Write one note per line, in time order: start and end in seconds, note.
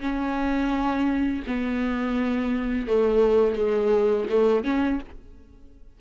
0.00 1.43 C#4
1.47 2.87 B3
2.87 3.56 A3
3.56 4.27 G#3
4.30 4.64 A3
4.64 5.00 C#4